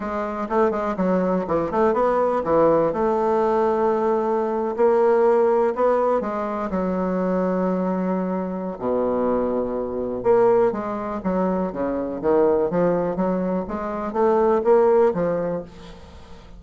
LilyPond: \new Staff \with { instrumentName = "bassoon" } { \time 4/4 \tempo 4 = 123 gis4 a8 gis8 fis4 e8 a8 | b4 e4 a2~ | a4.~ a16 ais2 b16~ | b8. gis4 fis2~ fis16~ |
fis2 b,2~ | b,4 ais4 gis4 fis4 | cis4 dis4 f4 fis4 | gis4 a4 ais4 f4 | }